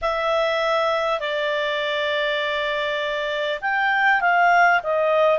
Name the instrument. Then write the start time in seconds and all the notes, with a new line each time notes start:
clarinet
0.01 E5
1.20 D5
3.61 G5
4.21 F5
4.83 D#5